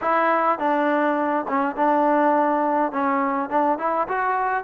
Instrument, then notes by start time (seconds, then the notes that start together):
trombone
0.01 E4
0.58 D4
1.48 C#4
1.76 D4
2.92 C#4
3.49 D4
3.78 E4
4.08 F#4